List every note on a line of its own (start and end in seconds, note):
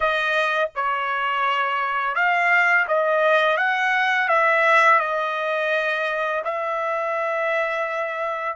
0.00 0.69 D#5
0.75 2.15 C#5
2.15 2.86 F5
2.87 3.57 D#5
3.57 4.28 F#5
4.28 4.99 E5
4.99 6.42 D#5
6.44 8.56 E5